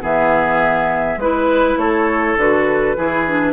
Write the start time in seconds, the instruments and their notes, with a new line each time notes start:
0.00 bassoon E3, clarinet B3, oboe G#4, flute E5
1.16 bassoon G#3, clarinet E4, flute B4, oboe B4
1.76 bassoon A3, oboe A4, flute C#5
2.36 bassoon D3, clarinet F#4, flute B4
2.96 bassoon E3, clarinet E4, oboe G#4
3.26 clarinet D4